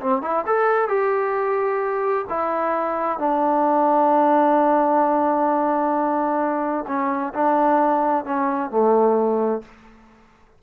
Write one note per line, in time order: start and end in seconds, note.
0.00 0.22 C4
0.22 0.45 E4
0.46 0.88 A4
0.88 2.25 G4
2.29 3.19 E4
3.19 6.85 D4
6.87 7.33 C#4
7.33 8.24 D4
8.24 8.70 C#4
8.70 9.62 A3